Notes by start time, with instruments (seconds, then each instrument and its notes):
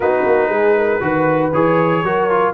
0.00 tuba B3, trombone D#4, horn F#4, trumpet B4
0.25 tuba A#3
0.48 tuba G#3, horn G#4
0.78 horn A#4
1.00 tuba D#3, trombone F#4, horn B4
1.53 tuba E3, trombone G#4, trumpet C#5
2.03 tuba F#3, trombone F#4, horn A#4
2.30 trombone F4